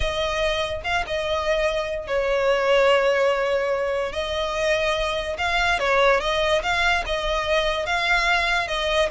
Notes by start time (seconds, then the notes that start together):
0.00 D#5
0.84 F5
1.06 D#5
2.07 C#5
4.12 D#5
5.38 F5
5.79 C#5
6.20 D#5
6.62 F5
7.06 D#5
7.86 F5
8.67 D#5